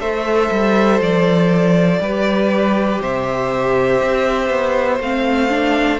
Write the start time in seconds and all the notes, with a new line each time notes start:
0.00 A3 A4 C5 E5
0.51 G3
1.00 F3 D5
1.99 G3 G4 B4
3.01 C3 C5 E5
4.01 C4
4.50 B3
5.00 A3 C4 F5
5.50 D4